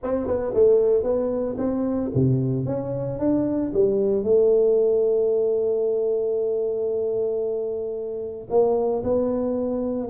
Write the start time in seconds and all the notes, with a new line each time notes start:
0.03 C4
0.26 B3
0.53 A3
1.03 B3
1.57 C4
2.14 C3
2.65 C#4
3.19 D4
3.73 G3
4.23 A3
8.50 A#3
9.03 B3